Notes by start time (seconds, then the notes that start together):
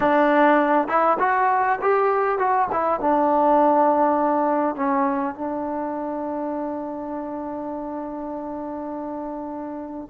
0.00 D4
0.87 E4
1.19 F#4
1.81 G4
2.38 F#4
2.71 E4
3.00 D4
4.75 C#4
5.35 D4